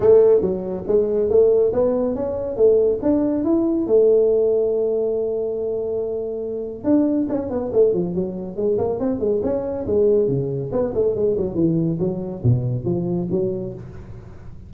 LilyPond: \new Staff \with { instrumentName = "tuba" } { \time 4/4 \tempo 4 = 140 a4 fis4 gis4 a4 | b4 cis'4 a4 d'4 | e'4 a2.~ | a1 |
d'4 cis'8 b8 a8 f8 fis4 | gis8 ais8 c'8 gis8 cis'4 gis4 | cis4 b8 a8 gis8 fis8 e4 | fis4 b,4 f4 fis4 | }